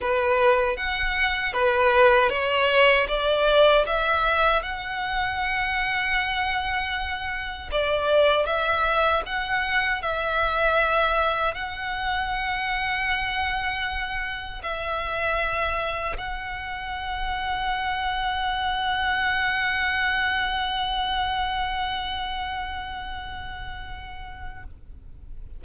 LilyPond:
\new Staff \with { instrumentName = "violin" } { \time 4/4 \tempo 4 = 78 b'4 fis''4 b'4 cis''4 | d''4 e''4 fis''2~ | fis''2 d''4 e''4 | fis''4 e''2 fis''4~ |
fis''2. e''4~ | e''4 fis''2.~ | fis''1~ | fis''1 | }